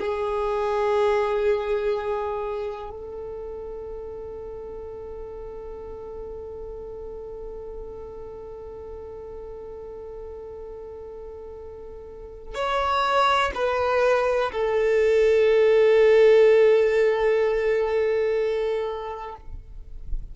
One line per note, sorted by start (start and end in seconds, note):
0.00 2.90 G#4
2.90 12.55 A4
12.55 13.52 C#5
13.55 14.52 B4
14.52 19.36 A4